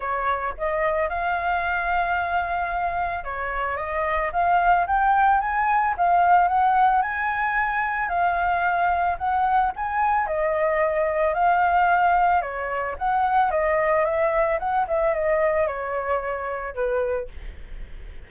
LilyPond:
\new Staff \with { instrumentName = "flute" } { \time 4/4 \tempo 4 = 111 cis''4 dis''4 f''2~ | f''2 cis''4 dis''4 | f''4 g''4 gis''4 f''4 | fis''4 gis''2 f''4~ |
f''4 fis''4 gis''4 dis''4~ | dis''4 f''2 cis''4 | fis''4 dis''4 e''4 fis''8 e''8 | dis''4 cis''2 b'4 | }